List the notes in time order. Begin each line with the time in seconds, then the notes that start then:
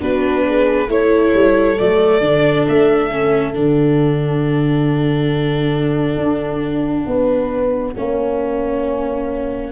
0.00 B3 D4 F#4 B4
0.47 G#4
0.88 A3 E4 A4 C#5
1.34 G3
1.79 F#3 A3 D5
2.21 D3 D4
2.68 A3 E5
3.12 C#4
3.54 D3 D4 F#5
6.17 D4
7.07 B3 B4
7.95 A#3 C#4 C#5